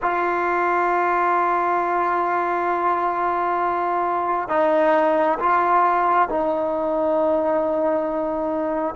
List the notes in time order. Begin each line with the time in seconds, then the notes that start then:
0.02 F4
4.49 D#4
5.39 F4
6.28 D#4